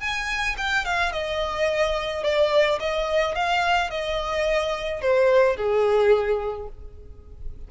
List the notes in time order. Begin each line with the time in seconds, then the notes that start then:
0.00 G#5
0.57 G5
0.85 F5
1.12 D#5
2.23 D5
2.80 D#5
3.35 F5
3.90 D#5
5.01 C5
5.56 G#4